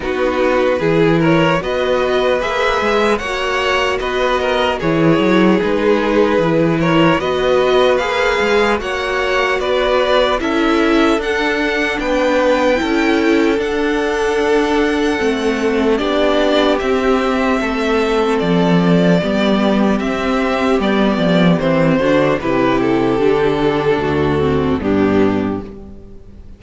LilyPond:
<<
  \new Staff \with { instrumentName = "violin" } { \time 4/4 \tempo 4 = 75 b'4. cis''8 dis''4 e''4 | fis''4 dis''4 cis''4 b'4~ | b'8 cis''8 dis''4 f''4 fis''4 | d''4 e''4 fis''4 g''4~ |
g''4 fis''2. | d''4 e''2 d''4~ | d''4 e''4 d''4 c''4 | b'8 a'2~ a'8 g'4 | }
  \new Staff \with { instrumentName = "violin" } { \time 4/4 fis'4 gis'8 ais'8 b'2 | cis''4 b'8 ais'8 gis'2~ | gis'8 ais'8 b'2 cis''4 | b'4 a'2 b'4 |
a'1 | g'2 a'2 | g'2.~ g'8 fis'8 | g'2 fis'4 d'4 | }
  \new Staff \with { instrumentName = "viola" } { \time 4/4 dis'4 e'4 fis'4 gis'4 | fis'2 e'4 dis'4 | e'4 fis'4 gis'4 fis'4~ | fis'4 e'4 d'2 |
e'4 d'2 c'4 | d'4 c'2. | b4 c'4 b4 c'8 d'8 | e'4 d'4. c'8 b4 | }
  \new Staff \with { instrumentName = "cello" } { \time 4/4 b4 e4 b4 ais8 gis8 | ais4 b4 e8 fis8 gis4 | e4 b4 ais8 gis8 ais4 | b4 cis'4 d'4 b4 |
cis'4 d'2 a4 | b4 c'4 a4 f4 | g4 c'4 g8 f8 e8 d8 | c4 d4 d,4 g,4 | }
>>